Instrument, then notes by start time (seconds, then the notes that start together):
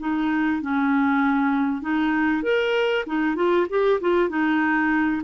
clarinet
0.00 D#4
0.62 C#4
1.82 D#4
2.43 A#4
3.07 D#4
3.36 F4
3.70 G4
4.01 F4
4.30 D#4